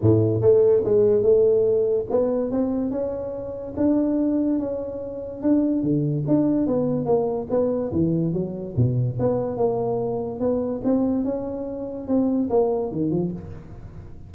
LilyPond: \new Staff \with { instrumentName = "tuba" } { \time 4/4 \tempo 4 = 144 a,4 a4 gis4 a4~ | a4 b4 c'4 cis'4~ | cis'4 d'2 cis'4~ | cis'4 d'4 d4 d'4 |
b4 ais4 b4 e4 | fis4 b,4 b4 ais4~ | ais4 b4 c'4 cis'4~ | cis'4 c'4 ais4 dis8 f8 | }